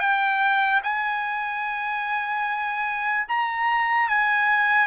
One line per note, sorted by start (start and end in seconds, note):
0.00 0.81 G5
0.84 3.27 G#5
3.29 4.09 A#5
4.09 4.88 G#5